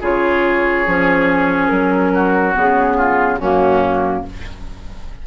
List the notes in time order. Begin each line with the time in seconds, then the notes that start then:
0.00 C#3 F4 G#4 C#5
0.86 F3 C#4
1.67 F#3 A#4
2.14 F#4
2.53 C#3 B3 G#4
2.97 F4
3.37 F#2 A#3 C#4 F#4